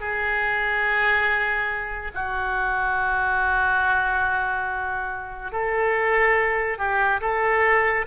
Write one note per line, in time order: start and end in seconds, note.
0.00 2.11 G#4
2.14 5.52 F#4
5.52 6.78 A4
6.78 7.20 G4
7.21 8.05 A4